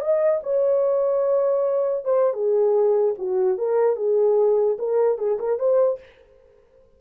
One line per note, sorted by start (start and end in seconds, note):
0.00 0.41 D#5
0.43 2.05 C#5
2.05 2.33 C5
2.33 3.15 G#4
3.18 3.58 F#4
3.58 3.96 A#4
3.96 4.77 G#4
4.79 5.18 A#4
5.18 5.38 G#4
5.39 5.59 A#4
5.59 5.99 C5